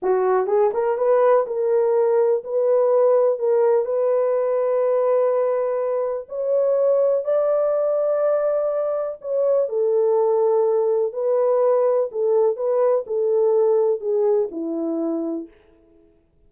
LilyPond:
\new Staff \with { instrumentName = "horn" } { \time 4/4 \tempo 4 = 124 fis'4 gis'8 ais'8 b'4 ais'4~ | ais'4 b'2 ais'4 | b'1~ | b'4 cis''2 d''4~ |
d''2. cis''4 | a'2. b'4~ | b'4 a'4 b'4 a'4~ | a'4 gis'4 e'2 | }